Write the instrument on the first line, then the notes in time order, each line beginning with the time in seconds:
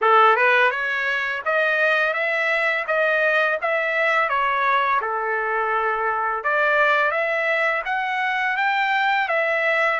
trumpet
0.01 A4
0.35 B4
0.70 C#5
1.45 D#5
2.13 E5
2.87 D#5
3.61 E5
4.29 C#5
5.01 A4
6.43 D5
7.11 E5
7.85 F#5
8.56 G5
9.28 E5